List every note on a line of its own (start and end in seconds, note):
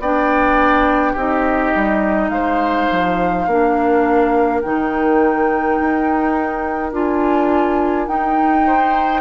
0.00 1.15 B3
0.00 1.18 D4
0.00 1.13 D5
0.00 1.16 G5
1.13 1.74 C4
1.13 3.48 D#4
1.13 2.28 G4
1.13 2.30 D#5
1.75 2.30 G3
2.30 2.88 G#3
2.30 3.50 C5
2.30 4.61 F5
2.91 3.47 F3
3.47 4.63 A#3
3.47 4.64 D4
3.47 8.67 A#4
4.62 5.80 D#3
4.62 6.93 D#4
4.62 6.92 G5
5.81 6.93 D#4
6.93 8.08 D4
6.93 8.08 F4
6.93 8.08 G#5
8.08 9.22 D#4
8.08 9.22 G5
8.67 9.22 C5